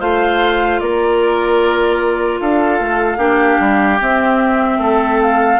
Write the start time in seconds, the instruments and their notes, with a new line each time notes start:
0.00 bassoon A3, clarinet F4, oboe C5, flute F5
0.80 bassoon A#3, oboe A#4, flute D5
2.41 bassoon D4, oboe A4, flute F5
2.80 bassoon A3
3.18 bassoon A#3, clarinet D4, oboe G4
3.60 bassoon G3
4.00 clarinet C4, bassoon C4, flute E5
4.78 bassoon A3, oboe A4
5.22 flute F5